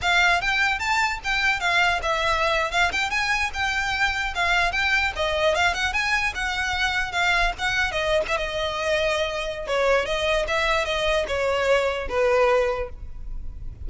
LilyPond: \new Staff \with { instrumentName = "violin" } { \time 4/4 \tempo 4 = 149 f''4 g''4 a''4 g''4 | f''4 e''4.~ e''16 f''8 g''8 gis''16~ | gis''8. g''2 f''4 g''16~ | g''8. dis''4 f''8 fis''8 gis''4 fis''16~ |
fis''4.~ fis''16 f''4 fis''4 dis''16~ | dis''8 e''16 dis''2.~ dis''16 | cis''4 dis''4 e''4 dis''4 | cis''2 b'2 | }